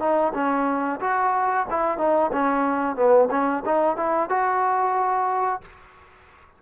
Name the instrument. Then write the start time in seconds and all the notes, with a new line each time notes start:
trombone
0.00 D#4
0.34 C#4
1.00 F#4
1.71 E4
1.98 D#4
2.33 C#4
2.96 B3
3.31 C#4
3.66 D#4
3.97 E4
4.30 F#4